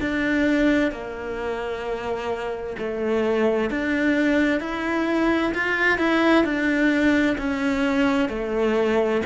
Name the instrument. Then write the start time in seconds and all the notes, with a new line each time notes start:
cello
0.00 D4
0.91 A#3
2.78 A3
3.70 D4
4.60 E4
5.54 F4
5.98 E4
6.44 D4
7.38 C#4
8.29 A3